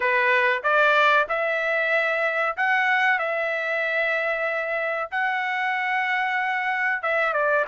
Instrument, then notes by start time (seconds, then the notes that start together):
trumpet
0.00 B4
0.63 D5
1.29 E5
2.56 F#5
3.18 E5
5.11 F#5
7.02 E5
7.33 D5